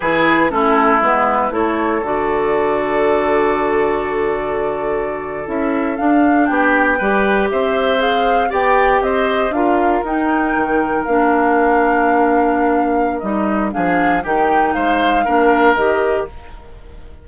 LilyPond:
<<
  \new Staff \with { instrumentName = "flute" } { \time 4/4 \tempo 4 = 118 b'4 a'4 b'4 cis''4 | d''1~ | d''2~ d''8. e''4 f''16~ | f''8. g''2 e''4 f''16~ |
f''8. g''4 dis''4 f''4 g''16~ | g''4.~ g''16 f''2~ f''16~ | f''2 dis''4 f''4 | g''4 f''2 dis''4 | }
  \new Staff \with { instrumentName = "oboe" } { \time 4/4 gis'4 e'2 a'4~ | a'1~ | a'1~ | a'8. g'4 b'4 c''4~ c''16~ |
c''8. d''4 c''4 ais'4~ ais'16~ | ais'1~ | ais'2. gis'4 | g'4 c''4 ais'2 | }
  \new Staff \with { instrumentName = "clarinet" } { \time 4/4 e'4 cis'4 b4 e'4 | fis'1~ | fis'2~ fis'8. e'4 d'16~ | d'4.~ d'16 g'2 gis'16~ |
gis'8. g'2 f'4 dis'16~ | dis'4.~ dis'16 d'2~ d'16~ | d'2 dis'4 d'4 | dis'2 d'4 g'4 | }
  \new Staff \with { instrumentName = "bassoon" } { \time 4/4 e4 a4 gis4 a4 | d1~ | d2~ d8. cis'4 d'16~ | d'8. b4 g4 c'4~ c'16~ |
c'8. b4 c'4 d'4 dis'16~ | dis'8. dis4 ais2~ ais16~ | ais2 g4 f4 | dis4 gis4 ais4 dis4 | }
>>